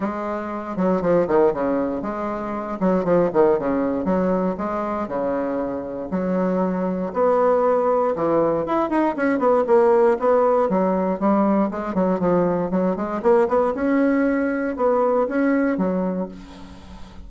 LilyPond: \new Staff \with { instrumentName = "bassoon" } { \time 4/4 \tempo 4 = 118 gis4. fis8 f8 dis8 cis4 | gis4. fis8 f8 dis8 cis4 | fis4 gis4 cis2 | fis2 b2 |
e4 e'8 dis'8 cis'8 b8 ais4 | b4 fis4 g4 gis8 fis8 | f4 fis8 gis8 ais8 b8 cis'4~ | cis'4 b4 cis'4 fis4 | }